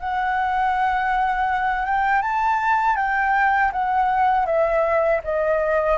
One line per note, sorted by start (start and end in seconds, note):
0.00 1.86 F#5
1.86 2.22 G5
2.22 2.97 A5
2.97 3.72 G5
3.72 4.46 F#5
4.46 5.21 E5
5.24 5.98 D#5